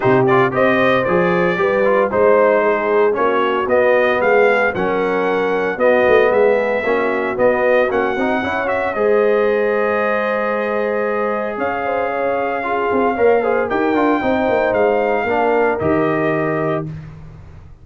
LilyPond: <<
  \new Staff \with { instrumentName = "trumpet" } { \time 4/4 \tempo 4 = 114 c''8 d''8 dis''4 d''2 | c''2 cis''4 dis''4 | f''4 fis''2 dis''4 | e''2 dis''4 fis''4~ |
fis''8 e''8 dis''2.~ | dis''2 f''2~ | f''2 g''2 | f''2 dis''2 | }
  \new Staff \with { instrumentName = "horn" } { \time 4/4 g'4 c''2 b'4 | c''4 gis'4 fis'2 | gis'4 ais'2 fis'4 | gis'4 fis'2. |
cis''4 c''2.~ | c''2 cis''8 c''8 cis''4 | gis'4 cis''8 c''8 ais'4 c''4~ | c''4 ais'2. | }
  \new Staff \with { instrumentName = "trombone" } { \time 4/4 dis'8 f'8 g'4 gis'4 g'8 f'8 | dis'2 cis'4 b4~ | b4 cis'2 b4~ | b4 cis'4 b4 cis'8 dis'8 |
e'8 fis'8 gis'2.~ | gis'1 | f'4 ais'8 gis'8 g'8 f'8 dis'4~ | dis'4 d'4 g'2 | }
  \new Staff \with { instrumentName = "tuba" } { \time 4/4 c4 c'4 f4 g4 | gis2 ais4 b4 | gis4 fis2 b8 a8 | gis4 ais4 b4 ais8 c'8 |
cis'4 gis2.~ | gis2 cis'2~ | cis'8 c'8 ais4 dis'8 d'8 c'8 ais8 | gis4 ais4 dis2 | }
>>